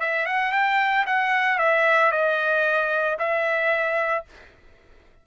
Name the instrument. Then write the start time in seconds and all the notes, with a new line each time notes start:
trumpet
0.00 E5
0.26 F#5
0.52 G5
1.07 F#5
1.59 E5
2.11 D#5
3.19 E5